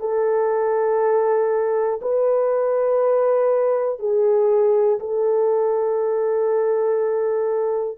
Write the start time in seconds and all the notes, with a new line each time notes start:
0.00 A4
2.01 B4
3.99 G#4
5.00 A4